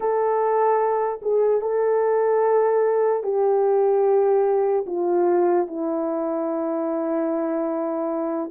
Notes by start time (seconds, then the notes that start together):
0.00 A4
1.22 G#4
1.61 A4
3.23 G4
4.86 F4
5.67 E4